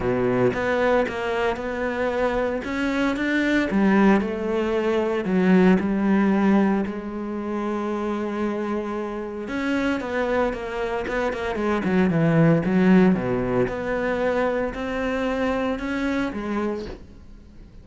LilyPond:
\new Staff \with { instrumentName = "cello" } { \time 4/4 \tempo 4 = 114 b,4 b4 ais4 b4~ | b4 cis'4 d'4 g4 | a2 fis4 g4~ | g4 gis2.~ |
gis2 cis'4 b4 | ais4 b8 ais8 gis8 fis8 e4 | fis4 b,4 b2 | c'2 cis'4 gis4 | }